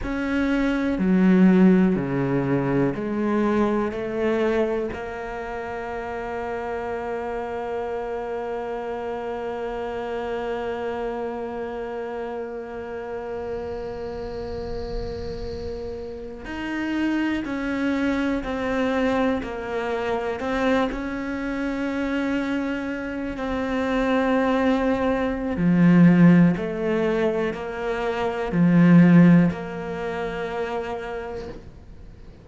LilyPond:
\new Staff \with { instrumentName = "cello" } { \time 4/4 \tempo 4 = 61 cis'4 fis4 cis4 gis4 | a4 ais2.~ | ais1~ | ais1~ |
ais8. dis'4 cis'4 c'4 ais16~ | ais8. c'8 cis'2~ cis'8 c'16~ | c'2 f4 a4 | ais4 f4 ais2 | }